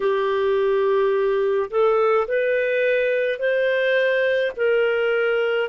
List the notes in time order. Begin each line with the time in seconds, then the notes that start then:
0.00 G4
1.70 A4
2.27 B4
3.38 C5
4.56 A#4